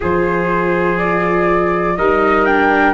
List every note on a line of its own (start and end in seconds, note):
0.00 1.98 F3
0.00 1.98 F4
0.00 1.96 G#4
0.00 0.98 C5
0.98 1.96 D5
1.96 2.93 G3
1.96 2.46 D#4
1.96 2.93 A#4
1.96 2.45 D#5
2.45 2.93 D4
2.45 2.93 G5